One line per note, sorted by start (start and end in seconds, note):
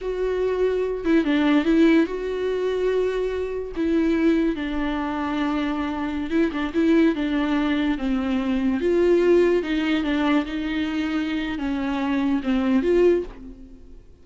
0.01 1.04 F#4
1.04 1.24 E4
1.24 1.65 D4
1.65 2.06 E4
2.06 3.71 F#4
3.76 4.55 E4
4.55 6.30 D4
6.30 6.51 E4
6.51 6.72 D4
6.74 7.15 E4
7.15 7.97 D4
7.98 8.80 C4
8.80 9.62 F4
9.62 10.03 D#4
10.03 10.45 D4
10.45 11.58 D#4
11.58 12.41 C#4
12.43 12.82 C4
12.82 13.23 F4